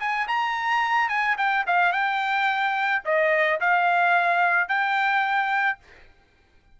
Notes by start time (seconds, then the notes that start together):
0.00 G#5
0.28 A#5
1.09 G#5
1.38 G5
1.67 F5
1.92 G5
3.05 D#5
3.61 F5
4.68 G5